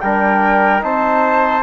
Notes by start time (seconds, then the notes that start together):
0.00 G3 D4 A#4 G5
0.80 C4 D#4 C5 A5